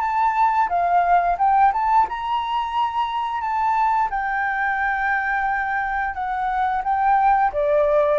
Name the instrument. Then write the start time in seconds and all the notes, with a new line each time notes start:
flute
0.00 A5
0.68 F5
1.38 G5
1.73 A5
2.09 A#5
3.41 A5
4.10 G5
6.14 F#5
6.83 G5
7.52 D5